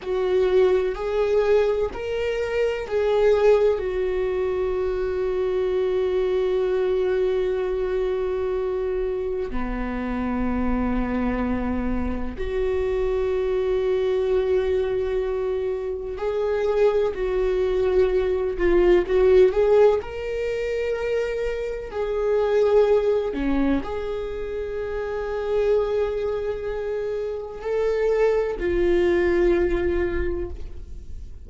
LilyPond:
\new Staff \with { instrumentName = "viola" } { \time 4/4 \tempo 4 = 63 fis'4 gis'4 ais'4 gis'4 | fis'1~ | fis'2 b2~ | b4 fis'2.~ |
fis'4 gis'4 fis'4. f'8 | fis'8 gis'8 ais'2 gis'4~ | gis'8 cis'8 gis'2.~ | gis'4 a'4 f'2 | }